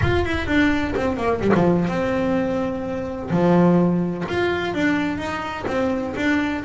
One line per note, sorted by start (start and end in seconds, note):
0.02 0.25 F4
0.25 0.46 E4
0.46 0.93 D4
0.96 1.16 C4
1.16 1.40 A#3
1.40 1.52 G3
1.54 1.88 F3
1.88 3.29 C4
3.30 4.24 F3
4.28 4.74 F4
4.74 5.17 D4
5.17 5.65 D#4
5.67 6.14 C4
6.16 6.63 D4